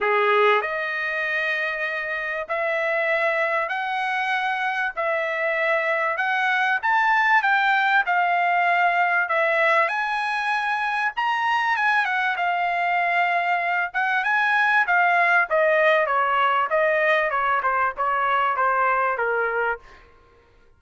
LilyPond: \new Staff \with { instrumentName = "trumpet" } { \time 4/4 \tempo 4 = 97 gis'4 dis''2. | e''2 fis''2 | e''2 fis''4 a''4 | g''4 f''2 e''4 |
gis''2 ais''4 gis''8 fis''8 | f''2~ f''8 fis''8 gis''4 | f''4 dis''4 cis''4 dis''4 | cis''8 c''8 cis''4 c''4 ais'4 | }